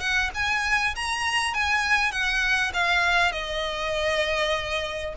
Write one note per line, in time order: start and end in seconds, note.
0.00 0.30 F#5
0.34 0.95 G#5
0.95 1.54 A#5
1.54 2.11 G#5
2.11 2.72 F#5
2.74 3.32 F5
3.32 5.14 D#5